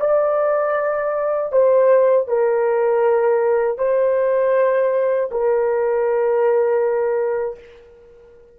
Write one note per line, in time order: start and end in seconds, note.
0.00 1.52 D5
1.52 2.28 C5
2.28 3.78 A#4
3.78 5.30 C5
5.31 7.59 A#4